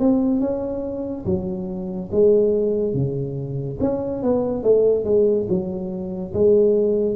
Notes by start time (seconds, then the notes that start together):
0.00 C4
0.41 C#4
1.26 F#3
2.12 G#3
2.94 C#3
3.81 C#4
4.23 B3
4.64 A3
5.05 G#3
5.49 F#3
6.34 G#3